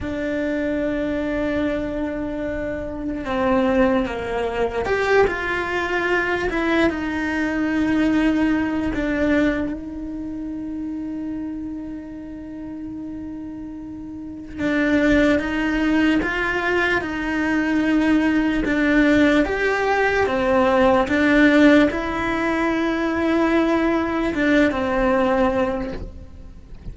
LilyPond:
\new Staff \with { instrumentName = "cello" } { \time 4/4 \tempo 4 = 74 d'1 | c'4 ais4 g'8 f'4. | e'8 dis'2~ dis'8 d'4 | dis'1~ |
dis'2 d'4 dis'4 | f'4 dis'2 d'4 | g'4 c'4 d'4 e'4~ | e'2 d'8 c'4. | }